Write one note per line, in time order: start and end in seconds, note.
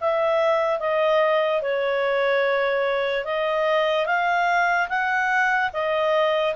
0.00 0.79 E5
0.79 1.61 D#5
1.61 3.25 C#5
3.25 4.05 D#5
4.05 4.88 F5
4.88 5.70 F#5
5.73 6.55 D#5